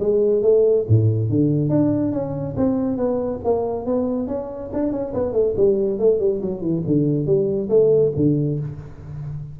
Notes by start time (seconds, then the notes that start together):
0.00 G#3
0.42 A3
0.88 A2
1.30 D3
1.69 D4
2.12 C#4
2.57 C4
2.97 B3
3.44 A#3
3.86 B3
4.28 C#4
4.73 D4
4.92 C#4
5.14 B3
5.33 A3
5.57 G3
5.99 A3
6.20 G3
6.41 F#3
6.61 E3
6.87 D3
7.26 G3
7.70 A3
8.16 D3